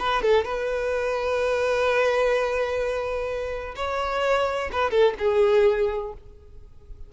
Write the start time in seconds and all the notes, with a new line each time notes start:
0.00 B4
0.23 A4
0.45 B4
3.76 C#5
4.72 B4
4.91 A4
5.19 G#4